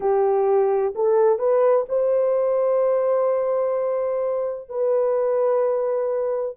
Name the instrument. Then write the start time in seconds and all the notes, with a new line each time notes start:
horn
0.00 G4
0.95 A4
1.38 B4
1.88 C5
4.69 B4